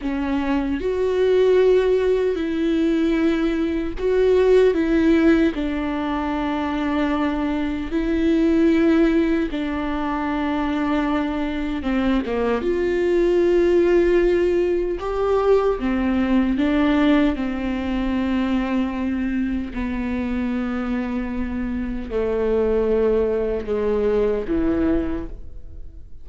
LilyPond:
\new Staff \with { instrumentName = "viola" } { \time 4/4 \tempo 4 = 76 cis'4 fis'2 e'4~ | e'4 fis'4 e'4 d'4~ | d'2 e'2 | d'2. c'8 ais8 |
f'2. g'4 | c'4 d'4 c'2~ | c'4 b2. | a2 gis4 e4 | }